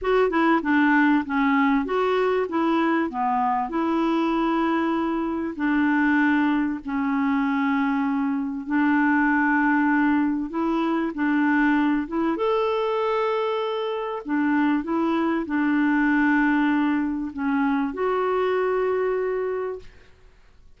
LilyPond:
\new Staff \with { instrumentName = "clarinet" } { \time 4/4 \tempo 4 = 97 fis'8 e'8 d'4 cis'4 fis'4 | e'4 b4 e'2~ | e'4 d'2 cis'4~ | cis'2 d'2~ |
d'4 e'4 d'4. e'8 | a'2. d'4 | e'4 d'2. | cis'4 fis'2. | }